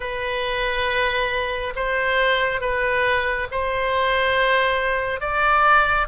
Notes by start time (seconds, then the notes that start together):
0.00 B4
1.75 C5
2.60 B4
3.51 C5
5.20 D5